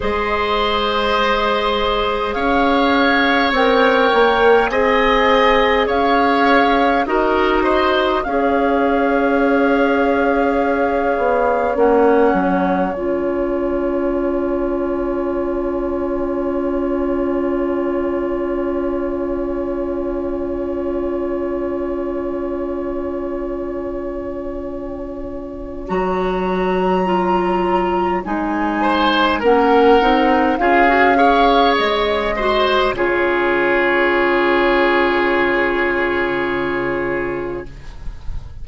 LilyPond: <<
  \new Staff \with { instrumentName = "flute" } { \time 4/4 \tempo 4 = 51 dis''2 f''4 g''4 | gis''4 f''4 dis''4 f''4~ | f''2 fis''4 gis''4~ | gis''1~ |
gis''1~ | gis''2 ais''2 | gis''4 fis''4 f''4 dis''4 | cis''1 | }
  \new Staff \with { instrumentName = "oboe" } { \time 4/4 c''2 cis''2 | dis''4 cis''4 ais'8 c''8 cis''4~ | cis''1~ | cis''1~ |
cis''1~ | cis''1~ | cis''8 c''8 ais'4 gis'8 cis''4 c''8 | gis'1 | }
  \new Staff \with { instrumentName = "clarinet" } { \time 4/4 gis'2. ais'4 | gis'2 fis'4 gis'4~ | gis'2 cis'4 f'4~ | f'1~ |
f'1~ | f'2 fis'4 f'4 | dis'4 cis'8 dis'8 f'16 fis'16 gis'4 fis'8 | f'1 | }
  \new Staff \with { instrumentName = "bassoon" } { \time 4/4 gis2 cis'4 c'8 ais8 | c'4 cis'4 dis'4 cis'4~ | cis'4. b8 ais8 fis8 cis'4~ | cis'1~ |
cis'1~ | cis'2 fis2 | gis4 ais8 c'8 cis'4 gis4 | cis1 | }
>>